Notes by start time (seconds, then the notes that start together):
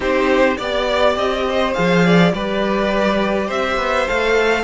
0.00 C4 D#4 G4 C5
0.57 B3 G4 D5
1.16 C4 D#5
1.49 C5
1.73 F3 G#4 F5
2.05 D5
2.33 G3 G4 B4 D5
3.46 C4 C5 E5
3.77 B3
4.07 A3 A4 F5